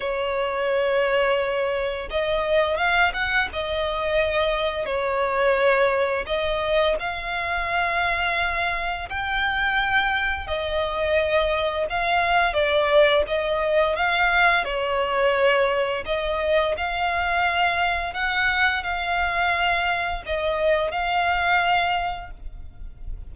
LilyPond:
\new Staff \with { instrumentName = "violin" } { \time 4/4 \tempo 4 = 86 cis''2. dis''4 | f''8 fis''8 dis''2 cis''4~ | cis''4 dis''4 f''2~ | f''4 g''2 dis''4~ |
dis''4 f''4 d''4 dis''4 | f''4 cis''2 dis''4 | f''2 fis''4 f''4~ | f''4 dis''4 f''2 | }